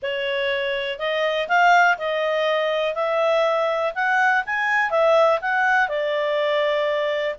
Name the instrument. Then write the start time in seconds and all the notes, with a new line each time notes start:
clarinet
0.02 C#5
0.98 D#5
1.48 F5
1.98 D#5
2.94 E5
3.95 F#5
4.46 G#5
4.90 E5
5.41 F#5
5.88 D5